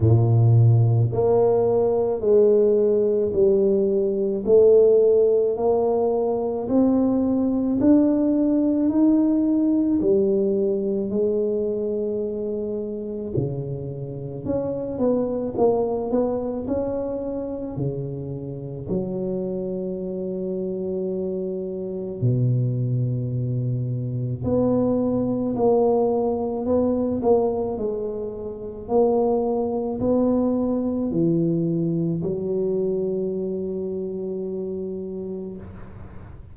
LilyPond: \new Staff \with { instrumentName = "tuba" } { \time 4/4 \tempo 4 = 54 ais,4 ais4 gis4 g4 | a4 ais4 c'4 d'4 | dis'4 g4 gis2 | cis4 cis'8 b8 ais8 b8 cis'4 |
cis4 fis2. | b,2 b4 ais4 | b8 ais8 gis4 ais4 b4 | e4 fis2. | }